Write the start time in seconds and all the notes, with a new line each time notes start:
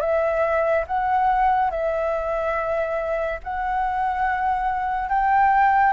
0.00 E5
0.86 F#5
1.70 E5
3.43 F#5
5.09 G5